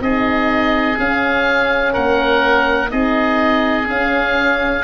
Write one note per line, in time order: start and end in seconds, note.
0.00 0.97 C4
0.00 0.97 D#4
0.00 1.93 G#4
0.00 0.98 D#5
0.97 2.88 C#4
0.97 1.95 C#4
0.97 1.93 F5
1.93 2.92 A#3
1.93 2.89 A#4
1.93 2.90 F#5
2.88 3.88 C4
2.88 3.84 D#4
2.88 4.83 G#4
2.88 3.87 D#5
3.88 4.83 C#4
3.88 4.83 F5